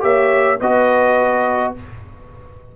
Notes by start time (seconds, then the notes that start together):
0.00 A#3 G4 C#5 E5
0.59 B3 F#4 B4 D#5